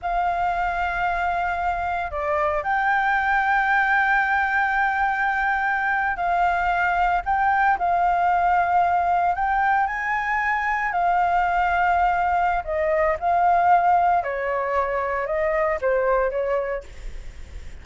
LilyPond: \new Staff \with { instrumentName = "flute" } { \time 4/4 \tempo 4 = 114 f''1 | d''4 g''2.~ | g''2.~ g''8. f''16~ | f''4.~ f''16 g''4 f''4~ f''16~ |
f''4.~ f''16 g''4 gis''4~ gis''16~ | gis''8. f''2.~ f''16 | dis''4 f''2 cis''4~ | cis''4 dis''4 c''4 cis''4 | }